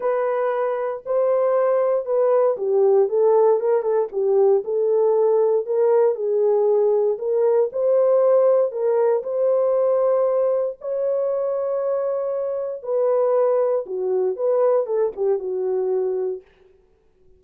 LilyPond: \new Staff \with { instrumentName = "horn" } { \time 4/4 \tempo 4 = 117 b'2 c''2 | b'4 g'4 a'4 ais'8 a'8 | g'4 a'2 ais'4 | gis'2 ais'4 c''4~ |
c''4 ais'4 c''2~ | c''4 cis''2.~ | cis''4 b'2 fis'4 | b'4 a'8 g'8 fis'2 | }